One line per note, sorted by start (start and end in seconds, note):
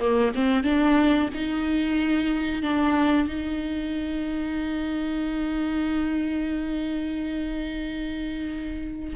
0.00 0.33 A#3
0.35 0.64 C4
0.64 1.29 D4
1.34 2.62 D#4
2.62 3.28 D4
3.28 9.15 D#4